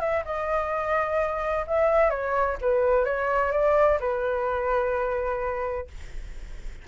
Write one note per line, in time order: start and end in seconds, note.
0.00 0.23 E5
0.25 1.66 D#5
1.67 2.10 E5
2.10 2.57 C#5
2.61 3.05 B4
3.05 3.52 C#5
3.52 3.99 D5
4.00 5.88 B4